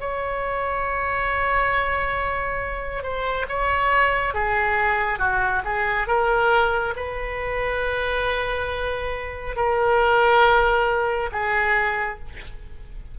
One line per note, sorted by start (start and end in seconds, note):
0.00 3.03 C#5
3.03 3.46 C5
3.48 4.34 C#5
4.34 5.19 G#4
5.19 5.62 F#4
5.64 6.07 G#4
6.07 6.94 A#4
6.96 9.56 B4
9.56 11.30 A#4
11.32 12.19 G#4